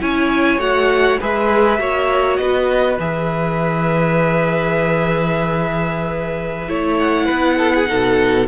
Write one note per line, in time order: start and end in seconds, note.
0.00 0.58 C#4
0.00 0.59 E4
0.00 1.20 C#5
0.00 0.60 G#5
0.58 1.17 A3
0.58 1.18 F#4
0.58 1.20 F#5
1.21 1.79 G#3
1.21 1.79 G#4
1.21 1.80 B4
1.21 2.37 E5
1.79 2.38 A#3
1.79 2.97 F#4
1.79 2.40 C#5
2.37 2.98 B3
2.37 6.69 B4
2.37 2.96 D#5
3.00 6.69 E3
3.00 6.68 G#4
3.00 6.99 E5
6.68 7.28 A3
6.68 7.86 E4
6.68 7.26 C#5
6.99 8.47 F#5
7.26 7.90 B3
7.26 7.55 B4
7.58 7.73 A4
7.75 7.89 G#4
7.86 8.48 B2
7.86 8.46 D#4
7.86 8.48 A4